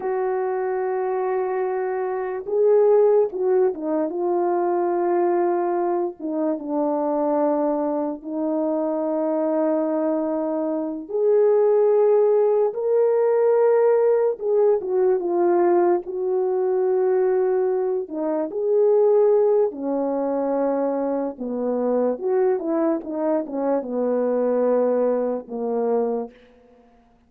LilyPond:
\new Staff \with { instrumentName = "horn" } { \time 4/4 \tempo 4 = 73 fis'2. gis'4 | fis'8 dis'8 f'2~ f'8 dis'8 | d'2 dis'2~ | dis'4. gis'2 ais'8~ |
ais'4. gis'8 fis'8 f'4 fis'8~ | fis'2 dis'8 gis'4. | cis'2 b4 fis'8 e'8 | dis'8 cis'8 b2 ais4 | }